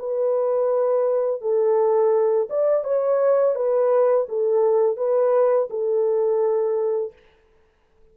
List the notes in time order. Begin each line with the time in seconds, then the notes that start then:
0.00 B4
1.42 A4
2.50 D5
2.84 C#5
3.56 B4
4.29 A4
4.97 B4
5.70 A4